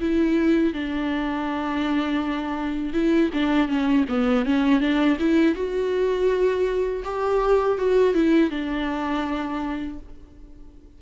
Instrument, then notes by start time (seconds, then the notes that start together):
viola
0.00 E4
0.73 D4
2.93 E4
3.33 D4
3.68 C#4
4.08 B3
4.45 C#4
4.80 D4
5.19 E4
5.55 F#4
7.04 G4
7.78 F#4
8.14 E4
8.50 D4